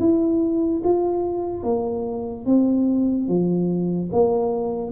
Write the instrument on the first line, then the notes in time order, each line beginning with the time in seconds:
tuba
0.00 E4
0.84 F4
1.64 A#3
2.46 C4
3.28 F3
4.12 A#3